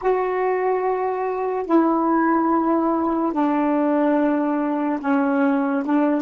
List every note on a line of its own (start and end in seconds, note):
0.01 1.66 F#4
1.66 3.32 E4
3.33 4.99 D4
5.00 5.83 C#4
5.85 6.22 D4